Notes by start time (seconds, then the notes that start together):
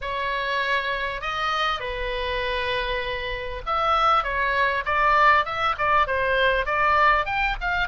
0.01 C#5
1.21 D#5
1.80 B4
3.66 E5
4.23 C#5
4.85 D5
5.45 E5
5.78 D5
6.07 C5
6.65 D5
7.25 G5
7.61 F5